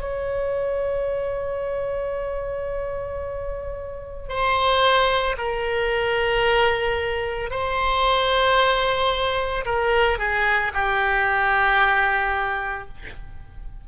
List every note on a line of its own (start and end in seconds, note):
0.00 4.29 C#5
4.29 5.36 C5
5.37 7.50 A#4
7.50 9.64 C5
9.65 10.18 A#4
10.18 10.72 G#4
10.73 12.88 G4